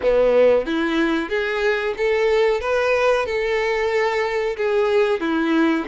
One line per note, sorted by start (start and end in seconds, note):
0.02 0.66 B3
0.66 1.29 E4
1.29 1.94 G#4
1.97 2.61 A4
2.61 3.26 B4
3.26 4.56 A4
4.57 5.20 G#4
5.20 5.85 E4